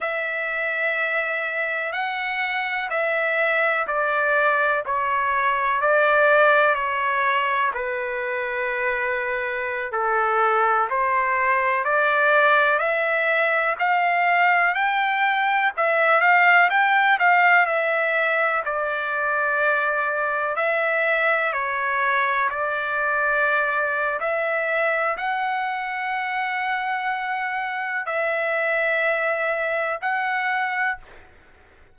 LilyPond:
\new Staff \with { instrumentName = "trumpet" } { \time 4/4 \tempo 4 = 62 e''2 fis''4 e''4 | d''4 cis''4 d''4 cis''4 | b'2~ b'16 a'4 c''8.~ | c''16 d''4 e''4 f''4 g''8.~ |
g''16 e''8 f''8 g''8 f''8 e''4 d''8.~ | d''4~ d''16 e''4 cis''4 d''8.~ | d''4 e''4 fis''2~ | fis''4 e''2 fis''4 | }